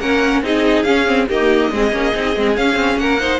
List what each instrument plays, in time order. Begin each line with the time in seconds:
0.00 cello A#3, viola C#4, violin A#4 F#5
0.42 cello C4, viola D#4, violin G#4 D#5
0.83 cello C#4, viola C#4, violin F5
1.07 viola C4
1.28 viola A#3, cello D#4, violin G4 D#5
1.71 cello G#3, viola C4, violin G#4
1.91 cello A#3, viola C#4
2.14 cello C4, viola D#4
2.36 cello G#3, viola C4
2.56 viola C#4, cello C#4, violin F5
2.75 cello C4
2.97 cello A#3, violin A#4 F#5
3.20 viola D#4, violin C5